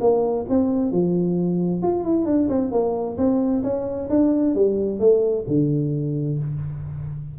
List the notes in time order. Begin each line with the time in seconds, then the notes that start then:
0.00 A#3
0.49 C4
0.92 F3
1.82 F4
2.04 E4
2.25 D4
2.49 C4
2.71 A#3
3.17 C4
3.63 C#4
4.10 D4
4.55 G3
4.99 A3
5.47 D3